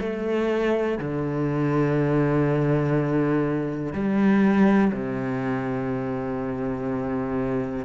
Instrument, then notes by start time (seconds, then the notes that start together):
cello
0.00 A3
0.98 D3
3.93 G3
4.92 C3